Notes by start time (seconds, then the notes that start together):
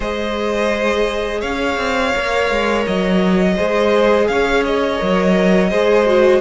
0.00 G#3 G#4 C5 D#5
1.40 C#4 C#5 F5
1.77 C4
2.15 A#3 A#4
2.50 G#3
2.86 F#3 D#5
3.56 G#3 G#4 C5
4.27 C#4 C#5 F5
4.65 D#5
4.97 F#3 A#4
5.69 G#3 G#4 C5
6.06 F#4